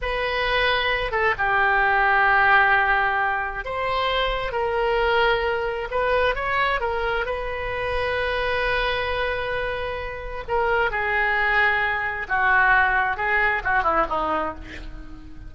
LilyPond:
\new Staff \with { instrumentName = "oboe" } { \time 4/4 \tempo 4 = 132 b'2~ b'8 a'8 g'4~ | g'1 | c''2 ais'2~ | ais'4 b'4 cis''4 ais'4 |
b'1~ | b'2. ais'4 | gis'2. fis'4~ | fis'4 gis'4 fis'8 e'8 dis'4 | }